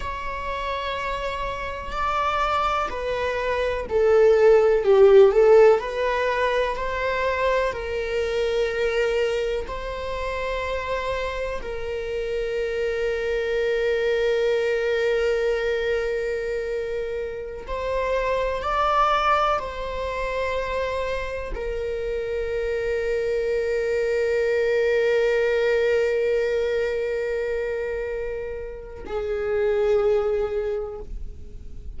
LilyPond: \new Staff \with { instrumentName = "viola" } { \time 4/4 \tempo 4 = 62 cis''2 d''4 b'4 | a'4 g'8 a'8 b'4 c''4 | ais'2 c''2 | ais'1~ |
ais'2~ ais'16 c''4 d''8.~ | d''16 c''2 ais'4.~ ais'16~ | ais'1~ | ais'2 gis'2 | }